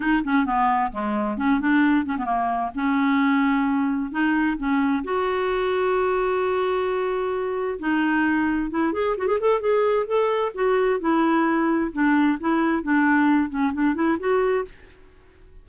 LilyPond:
\new Staff \with { instrumentName = "clarinet" } { \time 4/4 \tempo 4 = 131 dis'8 cis'8 b4 gis4 cis'8 d'8~ | d'8 cis'16 b16 ais4 cis'2~ | cis'4 dis'4 cis'4 fis'4~ | fis'1~ |
fis'4 dis'2 e'8 gis'8 | fis'16 gis'16 a'8 gis'4 a'4 fis'4 | e'2 d'4 e'4 | d'4. cis'8 d'8 e'8 fis'4 | }